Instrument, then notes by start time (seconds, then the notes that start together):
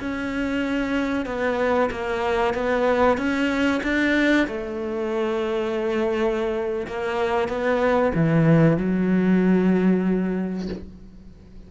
cello
0.00 C#4
1.26 B3
1.91 A#3
2.54 B3
3.18 C#4
3.84 D4
4.48 A3
6.88 A#3
7.49 B3
8.15 E3
8.78 F#3